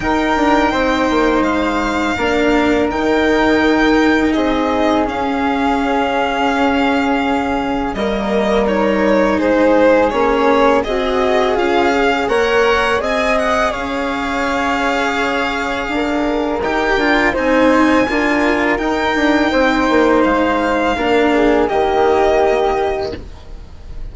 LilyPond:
<<
  \new Staff \with { instrumentName = "violin" } { \time 4/4 \tempo 4 = 83 g''2 f''2 | g''2 dis''4 f''4~ | f''2. dis''4 | cis''4 c''4 cis''4 dis''4 |
f''4 fis''4 gis''8 fis''8 f''4~ | f''2. g''4 | gis''2 g''2 | f''2 dis''2 | }
  \new Staff \with { instrumentName = "flute" } { \time 4/4 ais'4 c''2 ais'4~ | ais'2 gis'2~ | gis'2. ais'4~ | ais'4 gis'2 fis'4 |
f'8 gis'8 cis''4 dis''4 cis''4~ | cis''2 ais'2 | c''4 ais'2 c''4~ | c''4 ais'8 gis'8 g'2 | }
  \new Staff \with { instrumentName = "cello" } { \time 4/4 dis'2. d'4 | dis'2. cis'4~ | cis'2. ais4 | dis'2 cis'4 gis'4~ |
gis'4 ais'4 gis'2~ | gis'2. g'8 f'8 | dis'4 f'4 dis'2~ | dis'4 d'4 ais2 | }
  \new Staff \with { instrumentName = "bassoon" } { \time 4/4 dis'8 d'8 c'8 ais8 gis4 ais4 | dis2 c'4 cis'4~ | cis'2. g4~ | g4 gis4 ais4 c'4 |
cis'4 ais4 c'4 cis'4~ | cis'2 d'4 dis'8 d'8 | c'4 d'4 dis'8 d'8 c'8 ais8 | gis4 ais4 dis2 | }
>>